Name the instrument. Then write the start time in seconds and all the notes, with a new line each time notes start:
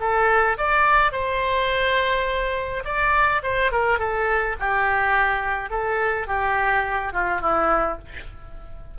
oboe
0.00 A4
0.57 D5
1.12 C5
2.84 D5
3.43 C5
3.71 A#4
3.99 A4
4.59 G4
5.70 A4
6.27 G4
7.13 F4
7.41 E4